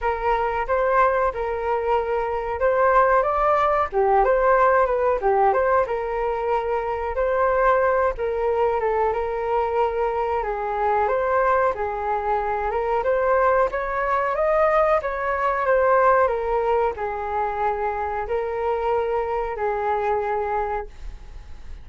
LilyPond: \new Staff \with { instrumentName = "flute" } { \time 4/4 \tempo 4 = 92 ais'4 c''4 ais'2 | c''4 d''4 g'8 c''4 b'8 | g'8 c''8 ais'2 c''4~ | c''8 ais'4 a'8 ais'2 |
gis'4 c''4 gis'4. ais'8 | c''4 cis''4 dis''4 cis''4 | c''4 ais'4 gis'2 | ais'2 gis'2 | }